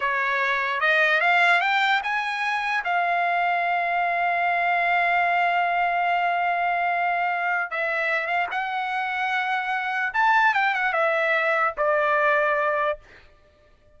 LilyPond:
\new Staff \with { instrumentName = "trumpet" } { \time 4/4 \tempo 4 = 148 cis''2 dis''4 f''4 | g''4 gis''2 f''4~ | f''1~ | f''1~ |
f''2. e''4~ | e''8 f''8 fis''2.~ | fis''4 a''4 g''8 fis''8 e''4~ | e''4 d''2. | }